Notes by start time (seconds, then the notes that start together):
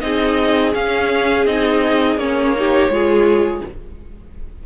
0.00 C4 D#4 G#4 D#5
0.73 C#4 F5
1.45 C4 D#4 D#5
2.16 A#3 C#4 C#5
2.55 D#4 G4
2.88 G#3 F4 G#4